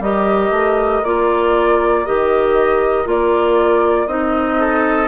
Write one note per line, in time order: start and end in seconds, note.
0.00 0.51 G3
0.00 1.04 G4
0.00 4.59 A#4
0.00 1.04 D#5
0.51 1.01 A3
1.04 2.07 A#3
1.04 2.05 F4
1.04 2.06 D5
2.05 3.06 D#3
2.05 3.05 G4
2.05 3.07 D#5
3.05 4.07 A#3
3.05 4.07 F4
3.05 4.07 D5
4.07 5.08 C4
4.07 5.08 D#4
4.07 5.08 D#5
4.59 5.08 A4